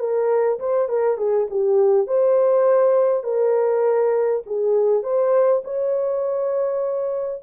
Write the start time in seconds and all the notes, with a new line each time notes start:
0.00 A#4
0.60 C5
0.89 A#4
1.18 G#4
1.51 G4
2.08 C5
3.24 A#4
4.47 G#4
5.03 C5
5.65 C#5